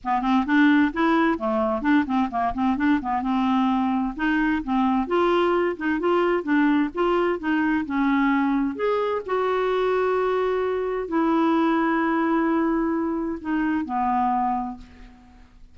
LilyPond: \new Staff \with { instrumentName = "clarinet" } { \time 4/4 \tempo 4 = 130 b8 c'8 d'4 e'4 a4 | d'8 c'8 ais8 c'8 d'8 b8 c'4~ | c'4 dis'4 c'4 f'4~ | f'8 dis'8 f'4 d'4 f'4 |
dis'4 cis'2 gis'4 | fis'1 | e'1~ | e'4 dis'4 b2 | }